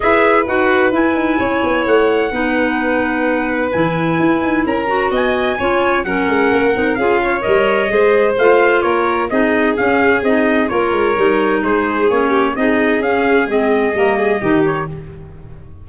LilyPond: <<
  \new Staff \with { instrumentName = "trumpet" } { \time 4/4 \tempo 4 = 129 e''4 fis''4 gis''2 | fis''1 | gis''2 ais''4 gis''4~ | gis''4 fis''2 f''4 |
dis''2 f''4 cis''4 | dis''4 f''4 dis''4 cis''4~ | cis''4 c''4 cis''4 dis''4 | f''4 dis''2~ dis''8 cis''8 | }
  \new Staff \with { instrumentName = "violin" } { \time 4/4 b'2. cis''4~ | cis''4 b'2.~ | b'2 ais'4 dis''4 | cis''4 ais'2 gis'8 cis''8~ |
cis''4 c''2 ais'4 | gis'2. ais'4~ | ais'4 gis'4. g'8 gis'4~ | gis'2 ais'8 gis'8 g'4 | }
  \new Staff \with { instrumentName = "clarinet" } { \time 4/4 gis'4 fis'4 e'2~ | e'4 dis'2. | e'2~ e'8 fis'4. | f'4 cis'4. dis'8 f'4 |
ais'4 gis'4 f'2 | dis'4 cis'4 dis'4 f'4 | dis'2 cis'4 dis'4 | cis'4 c'4 ais4 dis'4 | }
  \new Staff \with { instrumentName = "tuba" } { \time 4/4 e'4 dis'4 e'8 dis'8 cis'8 b8 | a4 b2. | e4 e'8 dis'8 cis'4 b4 | cis'4 fis8 gis8 ais8 c'8 cis'4 |
g4 gis4 a4 ais4 | c'4 cis'4 c'4 ais8 gis8 | g4 gis4 ais4 c'4 | cis'4 gis4 g4 dis4 | }
>>